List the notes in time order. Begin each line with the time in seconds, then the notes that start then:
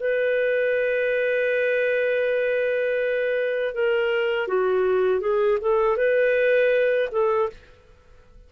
0.00 B4
3.74 A#4
4.47 F#4
5.20 G#4
5.61 A4
5.97 B4
7.11 A4